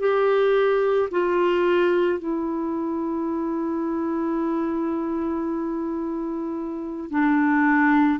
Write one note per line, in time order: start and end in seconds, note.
0.00 1.09 G4
1.11 2.19 F4
2.19 7.10 E4
7.10 8.19 D4